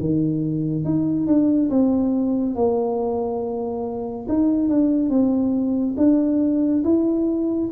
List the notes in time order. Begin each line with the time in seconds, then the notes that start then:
0.00 D#3
0.85 D#4
1.27 D4
1.70 C4
2.56 A#3
4.29 D#4
4.69 D4
5.10 C4
5.98 D4
6.84 E4